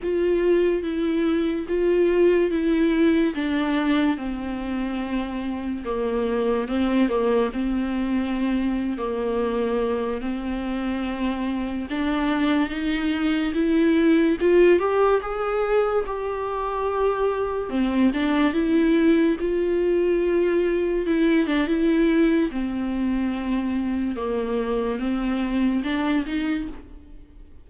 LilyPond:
\new Staff \with { instrumentName = "viola" } { \time 4/4 \tempo 4 = 72 f'4 e'4 f'4 e'4 | d'4 c'2 ais4 | c'8 ais8 c'4.~ c'16 ais4~ ais16~ | ais16 c'2 d'4 dis'8.~ |
dis'16 e'4 f'8 g'8 gis'4 g'8.~ | g'4~ g'16 c'8 d'8 e'4 f'8.~ | f'4~ f'16 e'8 d'16 e'4 c'4~ | c'4 ais4 c'4 d'8 dis'8 | }